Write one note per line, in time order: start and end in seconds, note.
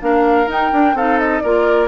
0.00 0.47 A#3
0.00 0.47 D4
0.00 0.96 A#4
0.00 0.49 F5
0.47 0.70 D#4
0.47 0.71 D#4
0.47 0.97 G5
0.72 0.94 D4
0.72 0.96 D4
0.94 1.41 C4
0.94 1.44 D#4
0.94 1.42 A4
0.94 1.19 F5
1.19 1.40 D#5
1.40 1.88 A#3
1.40 1.88 F4
1.40 1.88 A#4
1.40 1.87 D5